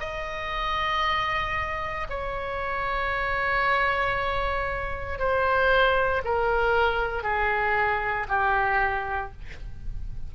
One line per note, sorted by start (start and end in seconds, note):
0.00 2.07 D#5
2.09 5.19 C#5
5.19 6.22 C5
6.24 7.23 A#4
7.23 8.26 G#4
8.28 9.32 G4